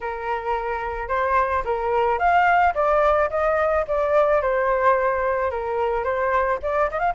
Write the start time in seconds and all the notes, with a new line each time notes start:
0.00 A#4
1.08 C5
1.65 A#4
2.18 F5
2.74 D5
3.30 D#5
3.87 D5
4.41 C5
5.50 A#4
6.04 C5
6.62 D5
6.91 D#5
6.99 F5